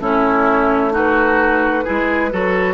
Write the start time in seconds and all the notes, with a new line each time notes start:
0.00 A3 C#4 E4 C#5
0.91 D#4 F#4 B4
1.84 G#3 E4 G#4
2.32 F#3 F#4 A4